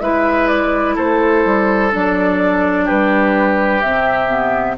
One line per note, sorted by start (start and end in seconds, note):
0.00 0.96 G#3
0.00 1.91 E4
0.00 0.95 B4
0.00 0.47 E5
0.47 0.95 D5
0.95 1.45 A3
0.95 2.85 A4
0.95 1.93 C5
1.45 1.93 G3
1.91 2.90 F#3
1.91 3.82 D4
1.91 2.88 D5
2.85 3.83 G3
2.85 4.76 G4
2.85 3.81 B4
3.81 4.78 C3
3.81 4.28 C4
3.81 4.77 E5
4.28 4.76 B3